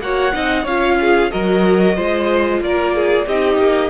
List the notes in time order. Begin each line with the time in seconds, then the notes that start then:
0.00 A#3 F#4 C#5 F#5
0.32 C4 D#4 D#5
0.64 C#4 F4 C#5 F5
1.01 G#4
1.32 F#3 F#4 A#4 D#5
1.96 G#3 F4 C5
2.61 A#3 A#4 D5
2.96 G#4
3.27 C4 D#4 G4 D#5
3.58 A#3